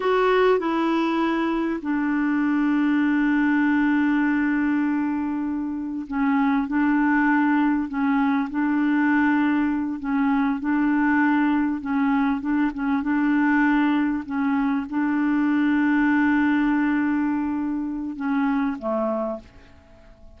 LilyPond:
\new Staff \with { instrumentName = "clarinet" } { \time 4/4 \tempo 4 = 99 fis'4 e'2 d'4~ | d'1~ | d'2 cis'4 d'4~ | d'4 cis'4 d'2~ |
d'8 cis'4 d'2 cis'8~ | cis'8 d'8 cis'8 d'2 cis'8~ | cis'8 d'2.~ d'8~ | d'2 cis'4 a4 | }